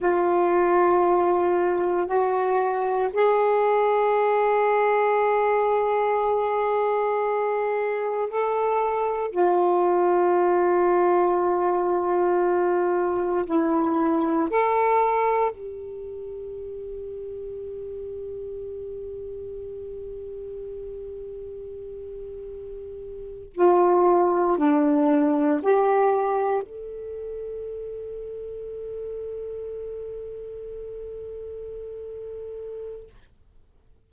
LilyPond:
\new Staff \with { instrumentName = "saxophone" } { \time 4/4 \tempo 4 = 58 f'2 fis'4 gis'4~ | gis'1 | a'4 f'2.~ | f'4 e'4 a'4 g'4~ |
g'1~ | g'2~ g'8. f'4 d'16~ | d'8. g'4 a'2~ a'16~ | a'1 | }